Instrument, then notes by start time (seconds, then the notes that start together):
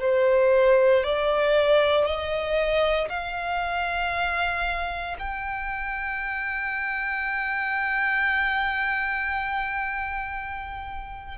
violin
0.00 C5
1.04 D5
2.05 D#5
3.09 F5
5.19 G5